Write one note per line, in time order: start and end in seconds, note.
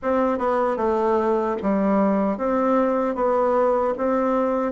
0.02 0.38 C4
0.38 0.76 B3
0.76 1.55 A3
1.62 2.37 G3
2.37 3.15 C4
3.15 3.94 B3
3.97 4.72 C4